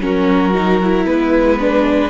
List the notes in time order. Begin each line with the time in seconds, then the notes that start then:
0.00 F#3 C#4 F#4 A#4
0.54 D#4
0.83 E4
1.05 G#3 B3 B4
1.59 D4